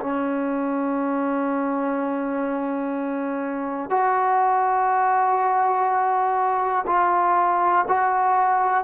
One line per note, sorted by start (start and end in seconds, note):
0.00 3.90 C#4
3.90 6.85 F#4
6.87 7.85 F4
7.88 8.84 F#4